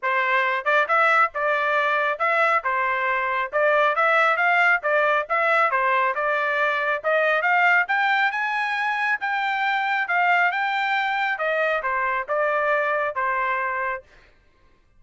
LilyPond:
\new Staff \with { instrumentName = "trumpet" } { \time 4/4 \tempo 4 = 137 c''4. d''8 e''4 d''4~ | d''4 e''4 c''2 | d''4 e''4 f''4 d''4 | e''4 c''4 d''2 |
dis''4 f''4 g''4 gis''4~ | gis''4 g''2 f''4 | g''2 dis''4 c''4 | d''2 c''2 | }